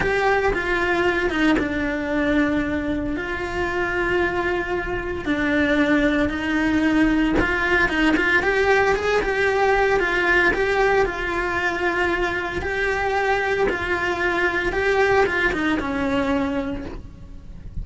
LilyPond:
\new Staff \with { instrumentName = "cello" } { \time 4/4 \tempo 4 = 114 g'4 f'4. dis'8 d'4~ | d'2 f'2~ | f'2 d'2 | dis'2 f'4 dis'8 f'8 |
g'4 gis'8 g'4. f'4 | g'4 f'2. | g'2 f'2 | g'4 f'8 dis'8 cis'2 | }